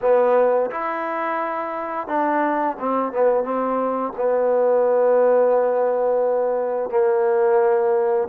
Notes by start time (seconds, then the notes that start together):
0.01 B3
0.70 E4
2.07 D4
2.79 C4
3.12 B3
3.44 C4
4.16 B3
6.90 A#3